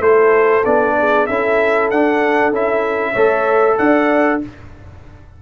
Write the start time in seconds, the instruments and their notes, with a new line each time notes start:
0.00 tuba A3, trombone E4, horn A4, trumpet C5
0.65 tuba B3, trombone D4, trumpet D5
0.99 horn G#4
1.27 tuba C#4, trombone E4, horn A4, trumpet E5
1.90 tuba D4, trombone D4, trumpet F#5
2.52 tuba C#4, trombone E4, trumpet E5
3.12 tuba A3, trombone A4, horn C#5
3.78 tuba D4, horn D5, trumpet F#5